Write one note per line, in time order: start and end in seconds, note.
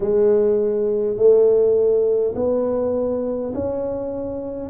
0.00 1.17 G#3
1.17 2.34 A3
2.35 3.53 B3
3.54 4.69 C#4